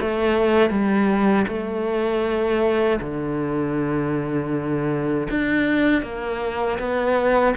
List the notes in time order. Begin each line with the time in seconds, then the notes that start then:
0.00 A3
0.69 G3
1.47 A3
3.00 D3
5.30 D4
6.02 A#3
6.78 B3